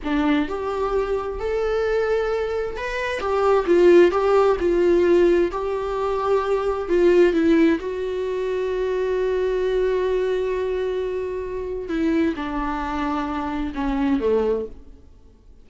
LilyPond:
\new Staff \with { instrumentName = "viola" } { \time 4/4 \tempo 4 = 131 d'4 g'2 a'4~ | a'2 b'4 g'4 | f'4 g'4 f'2 | g'2. f'4 |
e'4 fis'2.~ | fis'1~ | fis'2 e'4 d'4~ | d'2 cis'4 a4 | }